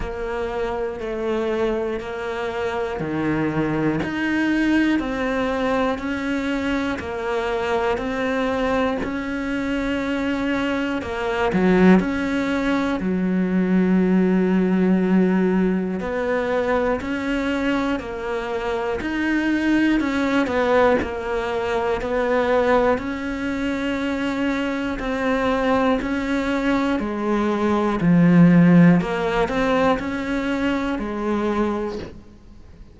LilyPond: \new Staff \with { instrumentName = "cello" } { \time 4/4 \tempo 4 = 60 ais4 a4 ais4 dis4 | dis'4 c'4 cis'4 ais4 | c'4 cis'2 ais8 fis8 | cis'4 fis2. |
b4 cis'4 ais4 dis'4 | cis'8 b8 ais4 b4 cis'4~ | cis'4 c'4 cis'4 gis4 | f4 ais8 c'8 cis'4 gis4 | }